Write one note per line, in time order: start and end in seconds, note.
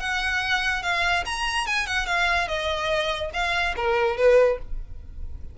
0.00 0.83 F#5
0.83 1.25 F5
1.26 1.67 A#5
1.67 1.87 G#5
1.87 2.07 F#5
2.07 2.48 F5
2.48 3.31 D#5
3.34 3.75 F5
3.77 4.17 A#4
4.17 4.59 B4